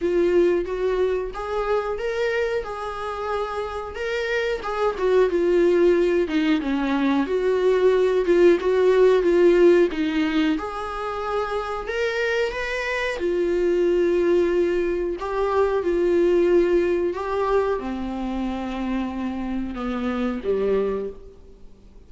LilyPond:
\new Staff \with { instrumentName = "viola" } { \time 4/4 \tempo 4 = 91 f'4 fis'4 gis'4 ais'4 | gis'2 ais'4 gis'8 fis'8 | f'4. dis'8 cis'4 fis'4~ | fis'8 f'8 fis'4 f'4 dis'4 |
gis'2 ais'4 b'4 | f'2. g'4 | f'2 g'4 c'4~ | c'2 b4 g4 | }